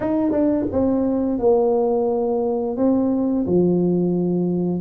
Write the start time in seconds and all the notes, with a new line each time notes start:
0.00 D#4
0.31 D4
0.71 C4
1.38 A#3
2.76 C4
3.46 F3